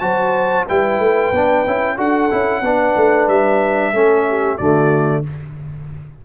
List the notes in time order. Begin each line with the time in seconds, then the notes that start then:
0.00 F#3 F#4 C5 A5
0.66 G3 E4 B4 G5
0.99 A3
1.32 B3 D4
1.67 C#4 E4
1.97 D4 F#4 A4 F#5
2.31 C#4 E4
2.62 B3 D4 B4
2.97 A3
3.28 G3 E5
3.94 A3 C#4 A4
4.29 G4
4.57 D3 A3 F#4 D5